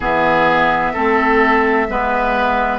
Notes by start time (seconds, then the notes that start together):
0.00 E3 B3 G#4 E5
0.93 A3 C4 A4
1.88 G#3 B3 B4